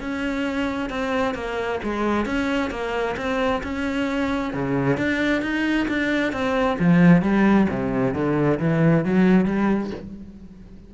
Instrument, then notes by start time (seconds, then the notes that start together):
cello
0.00 C#4
0.89 C4
1.34 A#3
1.83 G#3
2.26 C#4
2.70 A#3
3.17 C4
3.63 C#4
4.54 C#3
4.97 D4
5.42 D#4
5.88 D4
6.32 C4
6.79 F3
7.22 G3
7.69 C3
8.14 D3
8.59 E3
9.05 F#3
9.45 G3